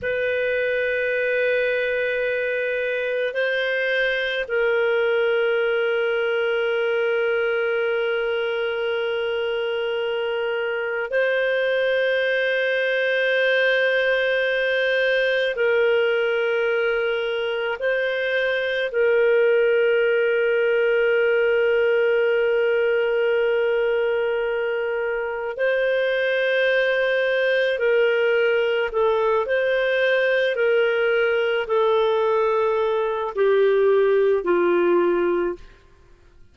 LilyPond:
\new Staff \with { instrumentName = "clarinet" } { \time 4/4 \tempo 4 = 54 b'2. c''4 | ais'1~ | ais'2 c''2~ | c''2 ais'2 |
c''4 ais'2.~ | ais'2. c''4~ | c''4 ais'4 a'8 c''4 ais'8~ | ais'8 a'4. g'4 f'4 | }